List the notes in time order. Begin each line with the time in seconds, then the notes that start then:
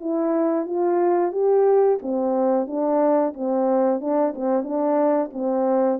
0.00 E4
0.66 F4
1.32 G4
2.02 C4
2.67 D4
3.34 C4
4.00 D4
4.35 C4
4.63 D4
5.33 C4